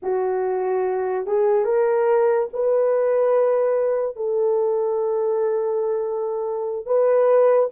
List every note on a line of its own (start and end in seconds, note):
0.02 1.26 F#4
1.26 1.64 G#4
1.64 2.48 A#4
2.53 4.16 B4
4.16 6.86 A4
6.86 7.69 B4